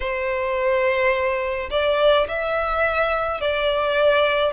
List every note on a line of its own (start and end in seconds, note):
0.00 1.69 C5
1.70 2.26 D5
2.27 3.41 E5
3.41 4.53 D5